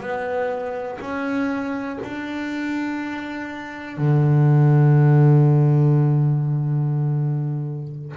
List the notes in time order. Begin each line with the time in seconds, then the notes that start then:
0.00 B3
1.00 C#4
2.03 D4
3.97 D3